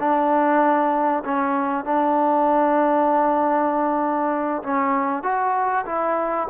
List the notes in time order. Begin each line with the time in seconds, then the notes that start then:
0.00 D4
1.25 C#4
1.85 D4
4.63 C#4
5.23 F#4
5.86 E4